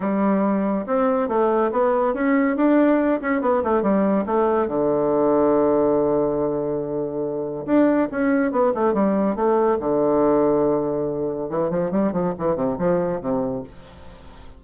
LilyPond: \new Staff \with { instrumentName = "bassoon" } { \time 4/4 \tempo 4 = 141 g2 c'4 a4 | b4 cis'4 d'4. cis'8 | b8 a8 g4 a4 d4~ | d1~ |
d2 d'4 cis'4 | b8 a8 g4 a4 d4~ | d2. e8 f8 | g8 f8 e8 c8 f4 c4 | }